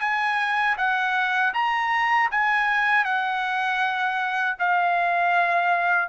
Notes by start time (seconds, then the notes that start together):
0.00 G#5
0.77 F#5
1.54 A#5
2.31 G#5
3.04 F#5
4.59 F5